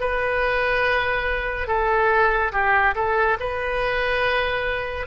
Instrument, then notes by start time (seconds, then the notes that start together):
oboe
0.00 B4
1.67 A4
2.52 G4
2.95 A4
3.40 B4